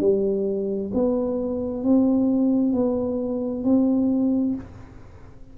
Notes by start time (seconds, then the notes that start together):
0.00 G3
0.94 B3
1.83 C4
2.73 B3
3.64 C4